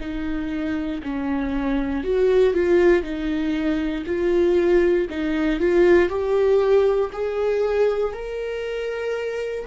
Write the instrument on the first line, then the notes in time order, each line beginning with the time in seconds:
viola
0.00 D#4
1.03 C#4
2.04 F#4
2.54 F4
3.03 D#4
4.06 F4
5.10 D#4
5.60 F4
6.09 G4
7.12 G#4
8.13 A#4